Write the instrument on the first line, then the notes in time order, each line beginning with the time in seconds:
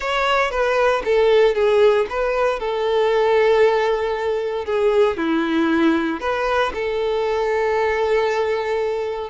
violin
0.00 C#5
0.50 B4
1.04 A4
1.54 G#4
2.09 B4
2.59 A4
4.65 G#4
5.17 E4
6.20 B4
6.74 A4